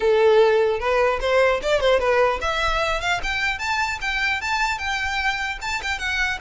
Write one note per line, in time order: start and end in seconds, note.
0.00 0.79 A4
0.79 1.19 B4
1.21 1.61 C5
1.62 1.80 D5
1.80 1.99 C5
1.99 2.39 B4
2.41 3.00 E5
3.00 3.20 F5
3.23 3.58 G5
3.58 3.98 A5
4.01 4.41 G5
4.41 4.78 A5
4.78 5.58 G5
5.61 5.81 A5
5.82 5.98 G5
5.98 6.38 F#5